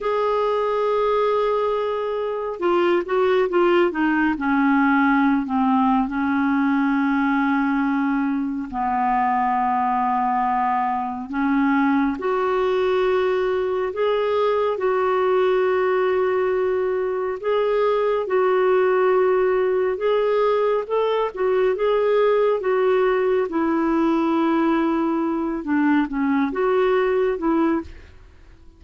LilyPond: \new Staff \with { instrumentName = "clarinet" } { \time 4/4 \tempo 4 = 69 gis'2. f'8 fis'8 | f'8 dis'8 cis'4~ cis'16 c'8. cis'4~ | cis'2 b2~ | b4 cis'4 fis'2 |
gis'4 fis'2. | gis'4 fis'2 gis'4 | a'8 fis'8 gis'4 fis'4 e'4~ | e'4. d'8 cis'8 fis'4 e'8 | }